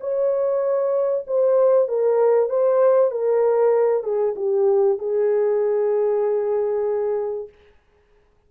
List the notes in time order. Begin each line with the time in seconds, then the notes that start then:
0.00 C#5
1.27 C5
1.88 A#4
2.49 C5
3.11 A#4
4.03 G#4
4.36 G4
4.98 G#4